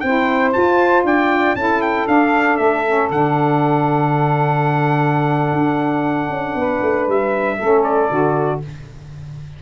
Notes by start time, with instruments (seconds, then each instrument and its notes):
0.00 tuba C4, saxophone E4 C5, trumpet G5
0.53 saxophone F4, tuba F4, trumpet A5
1.04 tuba D4, saxophone D5, trumpet G5
1.56 tuba C#4, saxophone E4 A4, trumpet A5
1.82 trumpet G5
2.07 saxophone D4, tuba D4, trumpet F5
2.57 tuba A3, trumpet E5
2.87 saxophone C#4
3.10 tuba D3, saxophone D4, trumpet F#5
5.53 tuba D4
6.30 tuba C#4
6.55 tuba B3, saxophone B4
6.82 tuba A3
7.08 tuba G3, trumpet E5
7.58 tuba A3, saxophone C#4 A4
7.84 trumpet D5
8.10 tuba D3, saxophone F#4